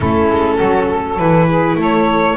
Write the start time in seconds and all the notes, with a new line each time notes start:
0.00 A3 C#4 E4 A4
0.29 G#3
0.56 F#3 F#4
0.88 A4
1.18 E3 E4 B4
1.47 G#4
1.75 A3 A4
1.82 C#5